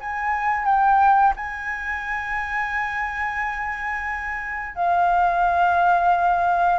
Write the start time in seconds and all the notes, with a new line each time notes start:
0.00 G#5
0.65 G5
1.36 G#5
4.75 F5